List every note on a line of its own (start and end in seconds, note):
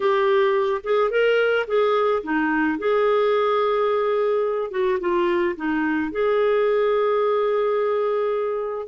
0.00 0.81 G4
0.83 1.10 G#4
1.10 1.65 A#4
1.67 2.22 G#4
2.23 2.78 D#4
2.78 4.70 G#4
4.70 4.98 F#4
5.00 5.55 F4
5.56 6.11 D#4
6.11 8.87 G#4